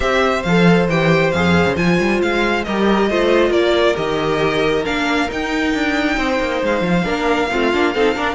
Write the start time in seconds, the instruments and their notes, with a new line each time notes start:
0.00 cello C4, viola G4, violin C5 E5
0.42 cello F3, viola A4, violin F5
0.87 cello E3, viola G4, violin G5
1.31 cello F2, viola G#4, violin F5
1.66 cello C#3
1.75 cello F3, viola F4, violin G#5
1.99 cello G3
2.22 cello G#3, violin F5
2.64 cello G3, viola G4, violin A#4 D#5
3.09 cello A3, viola F4, violin C5
3.50 cello A#3, violin A#4 D5
3.95 cello D#3, viola G4, violin D#5
4.84 cello A#3, viola D4, violin F5
5.29 viola D#4, cello D#4, violin G5
5.74 cello D4
6.17 cello C4, violin C5
6.40 cello A#3
6.62 cello G#3, violin F5
6.81 cello F3
7.03 cello A#3, viola D4, violin A#4
7.50 cello A3, viola C4, violin F4
7.72 cello A#3, viola D4
7.94 cello C4, viola D#4, violin A4
8.15 viola D4, cello D4, violin A#4